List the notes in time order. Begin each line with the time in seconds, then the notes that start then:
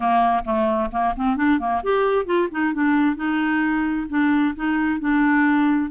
0.00 A#3
0.44 A3
0.91 A#3
1.16 C4
1.36 D4
1.59 A#3
1.83 G4
2.25 F4
2.51 D#4
2.73 D4
3.16 D#4
4.09 D4
4.55 D#4
5.00 D4